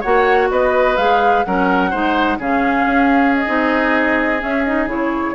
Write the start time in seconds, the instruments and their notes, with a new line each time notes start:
0.00 bassoon A#3, clarinet F#4, oboe C#5, flute F#5
0.50 bassoon B3, oboe B4, flute D#5
0.96 bassoon G#3, clarinet G#4, flute F5
1.43 bassoon F#3, clarinet C#4, oboe A#4, flute F#5
1.90 bassoon G#3, clarinet D#4, oboe C5
2.38 bassoon C#3, clarinet C#4, oboe G#4, flute F5
2.86 bassoon C#4
3.35 flute D#5
3.46 bassoon C4, clarinet D#4
4.38 clarinet C#4, bassoon C#4, flute E5
4.64 clarinet D#4, flute D#5
4.85 bassoon C#3, clarinet E4, flute C#5